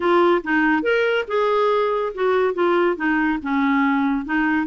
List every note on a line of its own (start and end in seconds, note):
0.00 0.42 F4
0.43 0.82 D#4
0.82 1.25 A#4
1.27 2.12 G#4
2.14 2.54 F#4
2.54 2.96 F4
2.96 3.38 D#4
3.42 4.25 C#4
4.25 4.66 D#4